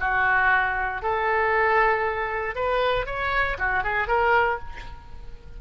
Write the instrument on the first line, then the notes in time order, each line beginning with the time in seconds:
oboe
0.00 F#4
1.02 A4
2.55 B4
3.06 C#5
3.59 F#4
3.84 G#4
4.07 A#4